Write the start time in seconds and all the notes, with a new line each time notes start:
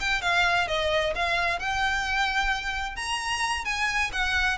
0.00 G5
0.22 F5
0.68 D#5
1.16 F5
1.59 G5
2.96 A#5
3.65 G#5
4.12 F#5